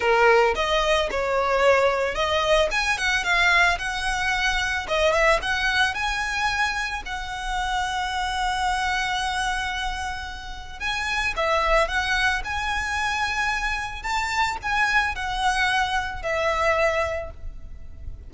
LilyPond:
\new Staff \with { instrumentName = "violin" } { \time 4/4 \tempo 4 = 111 ais'4 dis''4 cis''2 | dis''4 gis''8 fis''8 f''4 fis''4~ | fis''4 dis''8 e''8 fis''4 gis''4~ | gis''4 fis''2.~ |
fis''1 | gis''4 e''4 fis''4 gis''4~ | gis''2 a''4 gis''4 | fis''2 e''2 | }